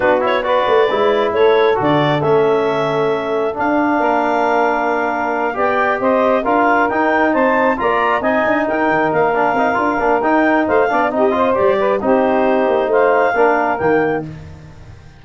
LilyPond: <<
  \new Staff \with { instrumentName = "clarinet" } { \time 4/4 \tempo 4 = 135 b'8 cis''8 d''2 cis''4 | d''4 e''2. | f''1~ | f''8 g''4 dis''4 f''4 g''8~ |
g''8 a''4 ais''4 gis''4 g''8~ | g''8 f''2~ f''8 g''4 | f''4 dis''4 d''4 c''4~ | c''4 f''2 g''4 | }
  \new Staff \with { instrumentName = "saxophone" } { \time 4/4 fis'4 b'2 a'4~ | a'1~ | a'4 ais'2.~ | ais'8 d''4 c''4 ais'4.~ |
ais'8 c''4 d''4 dis''4 ais'8~ | ais'1 | c''8 d''8 g'8 c''4 b'8 g'4~ | g'4 c''4 ais'2 | }
  \new Staff \with { instrumentName = "trombone" } { \time 4/4 d'8 e'8 fis'4 e'2 | fis'4 cis'2. | d'1~ | d'8 g'2 f'4 dis'8~ |
dis'4. f'4 dis'4.~ | dis'4 d'8 dis'8 f'8 d'8 dis'4~ | dis'8 d'8 dis'8 f'8 g'4 dis'4~ | dis'2 d'4 ais4 | }
  \new Staff \with { instrumentName = "tuba" } { \time 4/4 b4. a8 gis4 a4 | d4 a2. | d'4 ais2.~ | ais8 b4 c'4 d'4 dis'8~ |
dis'8 c'4 ais4 c'8 d'8 dis'8 | dis8 ais4 c'8 d'8 ais8 dis'4 | a8 b8 c'4 g4 c'4~ | c'8 ais8 a4 ais4 dis4 | }
>>